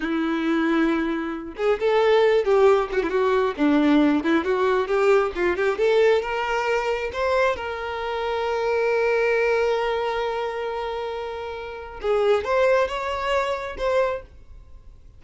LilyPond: \new Staff \with { instrumentName = "violin" } { \time 4/4 \tempo 4 = 135 e'2.~ e'8 gis'8 | a'4. g'4 fis'16 e'16 fis'4 | d'4. e'8 fis'4 g'4 | f'8 g'8 a'4 ais'2 |
c''4 ais'2.~ | ais'1~ | ais'2. gis'4 | c''4 cis''2 c''4 | }